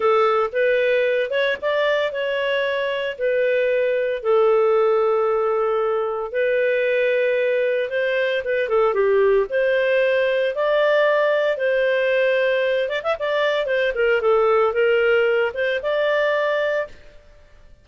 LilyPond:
\new Staff \with { instrumentName = "clarinet" } { \time 4/4 \tempo 4 = 114 a'4 b'4. cis''8 d''4 | cis''2 b'2 | a'1 | b'2. c''4 |
b'8 a'8 g'4 c''2 | d''2 c''2~ | c''8 d''16 e''16 d''4 c''8 ais'8 a'4 | ais'4. c''8 d''2 | }